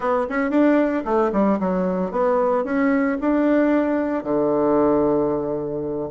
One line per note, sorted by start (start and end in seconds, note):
0.00 0.27 B3
0.29 0.50 C#4
0.50 1.03 D4
1.04 1.31 A3
1.32 1.59 G3
1.59 2.11 F#3
2.11 2.64 B3
2.64 3.17 C#4
3.20 4.23 D4
4.23 6.09 D3